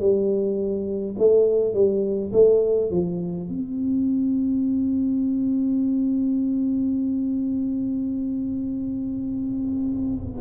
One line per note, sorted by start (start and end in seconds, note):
0.00 1.15 G3
1.18 1.74 A3
1.74 2.32 G3
2.33 2.91 A3
2.91 3.48 F3
3.49 10.41 C4